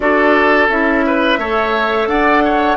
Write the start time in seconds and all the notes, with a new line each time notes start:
0.00 D4 F#4 A4 D5
0.68 C#4 E4 E5
1.06 B4
1.37 A3 A4 C#5
2.07 D4 D5 F#5
2.44 C#5